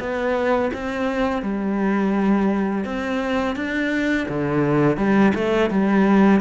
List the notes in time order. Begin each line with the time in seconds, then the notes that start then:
0.00 B3
0.73 C4
1.43 G3
2.85 C4
3.56 D4
4.29 D3
4.97 G3
5.35 A3
5.70 G3